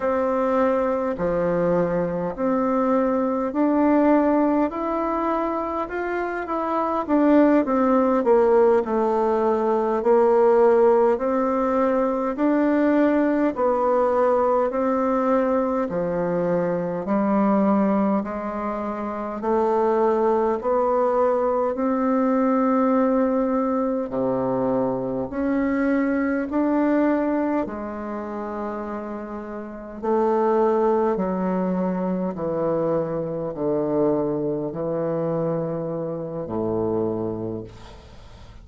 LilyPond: \new Staff \with { instrumentName = "bassoon" } { \time 4/4 \tempo 4 = 51 c'4 f4 c'4 d'4 | e'4 f'8 e'8 d'8 c'8 ais8 a8~ | a8 ais4 c'4 d'4 b8~ | b8 c'4 f4 g4 gis8~ |
gis8 a4 b4 c'4.~ | c'8 c4 cis'4 d'4 gis8~ | gis4. a4 fis4 e8~ | e8 d4 e4. a,4 | }